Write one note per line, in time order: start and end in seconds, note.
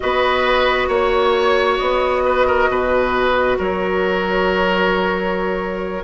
0.00 0.88 B3
0.00 6.04 F#4
0.00 0.88 B4
0.00 0.89 D#5
0.88 1.78 A#3
0.88 2.22 C#5
0.88 1.78 C#5
1.78 2.68 B3
1.78 3.57 D#5
2.25 2.46 B4
2.46 2.69 A#4
2.68 3.58 B2
2.68 3.57 B4
3.57 6.04 F#3
3.57 6.04 A#4
3.57 6.04 C#5